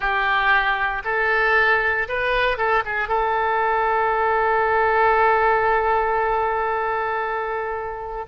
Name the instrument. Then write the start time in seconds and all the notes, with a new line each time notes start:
oboe
0.00 G4
1.04 A4
2.08 B4
2.57 A4
2.85 G#4
3.08 A4